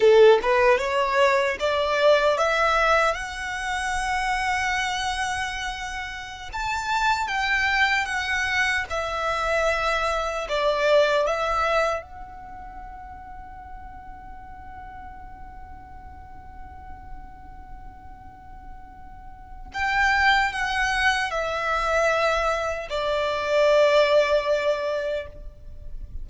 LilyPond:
\new Staff \with { instrumentName = "violin" } { \time 4/4 \tempo 4 = 76 a'8 b'8 cis''4 d''4 e''4 | fis''1~ | fis''16 a''4 g''4 fis''4 e''8.~ | e''4~ e''16 d''4 e''4 fis''8.~ |
fis''1~ | fis''1~ | fis''4 g''4 fis''4 e''4~ | e''4 d''2. | }